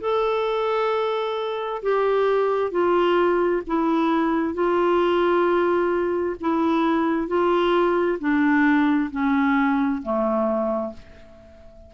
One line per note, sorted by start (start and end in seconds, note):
0.00 1.82 A4
1.82 2.71 G4
2.71 3.62 F4
3.67 4.54 E4
4.54 6.36 F4
6.40 7.27 E4
7.27 8.18 F4
8.19 9.10 D4
9.11 10.02 C#4
10.02 10.93 A3